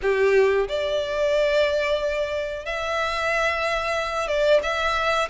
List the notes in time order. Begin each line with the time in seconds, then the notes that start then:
0.02 G4
0.68 D5
2.65 E5
4.27 D5
4.62 E5